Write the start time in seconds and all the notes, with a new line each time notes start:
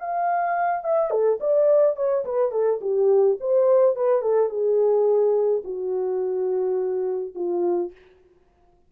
0.00 F5
0.84 E5
1.11 A4
1.40 D5
1.97 C#5
2.25 B4
2.52 A4
2.82 G4
3.41 C5
3.96 B4
4.22 A4
4.50 G#4
5.65 F#4
7.36 F4